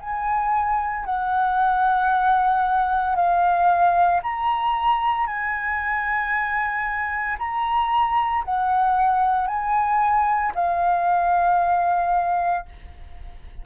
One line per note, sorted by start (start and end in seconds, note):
0.00 1.05 G#5
1.05 3.16 F#5
3.16 4.21 F5
4.23 5.27 A#5
5.27 7.37 G#5
7.39 8.44 A#5
8.44 9.47 F#5
9.47 10.53 G#5
10.55 12.66 F5